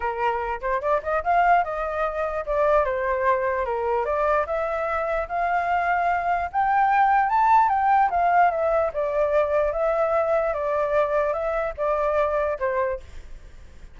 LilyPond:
\new Staff \with { instrumentName = "flute" } { \time 4/4 \tempo 4 = 148 ais'4. c''8 d''8 dis''8 f''4 | dis''2 d''4 c''4~ | c''4 ais'4 d''4 e''4~ | e''4 f''2. |
g''2 a''4 g''4 | f''4 e''4 d''2 | e''2 d''2 | e''4 d''2 c''4 | }